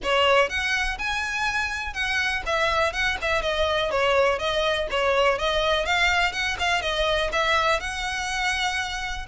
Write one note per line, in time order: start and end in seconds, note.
0.03 0.49 C#5
0.49 0.98 F#5
0.98 1.93 G#5
1.93 2.42 F#5
2.45 2.93 E5
2.93 3.17 F#5
3.21 3.41 E5
3.41 3.90 D#5
3.90 4.39 C#5
4.39 4.87 D#5
4.90 5.38 C#5
5.38 5.85 D#5
5.85 6.32 F5
6.32 6.57 F#5
6.59 6.81 F5
6.81 7.30 D#5
7.32 7.80 E5
7.80 9.26 F#5